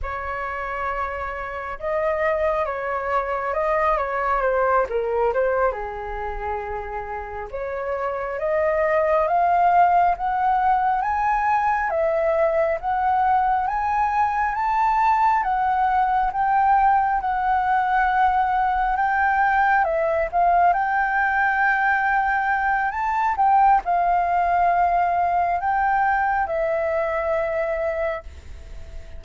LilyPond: \new Staff \with { instrumentName = "flute" } { \time 4/4 \tempo 4 = 68 cis''2 dis''4 cis''4 | dis''8 cis''8 c''8 ais'8 c''8 gis'4.~ | gis'8 cis''4 dis''4 f''4 fis''8~ | fis''8 gis''4 e''4 fis''4 gis''8~ |
gis''8 a''4 fis''4 g''4 fis''8~ | fis''4. g''4 e''8 f''8 g''8~ | g''2 a''8 g''8 f''4~ | f''4 g''4 e''2 | }